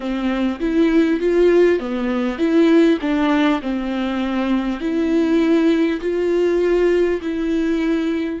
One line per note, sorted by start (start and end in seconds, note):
0.00 0.59 C4
0.59 1.19 E4
1.20 1.79 F4
1.79 2.38 B3
2.38 2.98 E4
3.01 3.61 D4
3.62 4.80 C4
4.80 6.00 E4
6.01 7.21 F4
7.21 8.40 E4